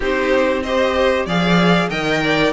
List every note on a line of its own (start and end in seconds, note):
0.00 1.26 C4
0.00 0.64 D#4
0.00 0.61 G4
0.00 0.62 C5
0.62 1.28 G4
0.62 1.26 C5
0.62 1.25 D#5
1.26 1.89 F3
1.26 1.90 G#4
1.26 1.89 D5
1.26 1.89 F5
1.89 2.52 D#3
1.89 2.52 A#4
1.89 2.21 D#5
1.89 2.52 G5
2.23 2.52 D5